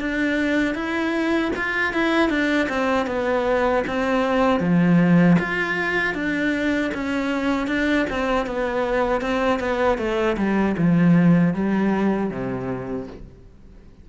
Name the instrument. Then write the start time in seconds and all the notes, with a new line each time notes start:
cello
0.00 D4
0.75 E4
1.56 F4
1.93 E4
2.30 D4
2.69 C4
3.07 B3
3.87 C4
4.60 F3
5.39 F4
6.14 D4
6.94 C#4
7.67 D4
8.10 C4
8.47 B3
9.21 C4
9.60 B3
9.98 A3
10.37 G3
10.78 F3
11.54 G3
12.30 C3